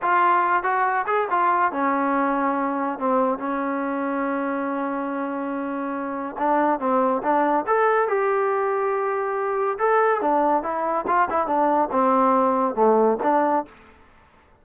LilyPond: \new Staff \with { instrumentName = "trombone" } { \time 4/4 \tempo 4 = 141 f'4. fis'4 gis'8 f'4 | cis'2. c'4 | cis'1~ | cis'2. d'4 |
c'4 d'4 a'4 g'4~ | g'2. a'4 | d'4 e'4 f'8 e'8 d'4 | c'2 a4 d'4 | }